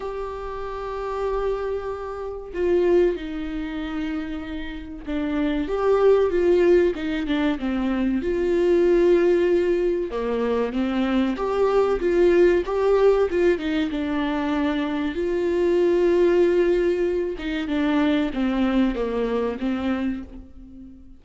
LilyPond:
\new Staff \with { instrumentName = "viola" } { \time 4/4 \tempo 4 = 95 g'1 | f'4 dis'2. | d'4 g'4 f'4 dis'8 d'8 | c'4 f'2. |
ais4 c'4 g'4 f'4 | g'4 f'8 dis'8 d'2 | f'2.~ f'8 dis'8 | d'4 c'4 ais4 c'4 | }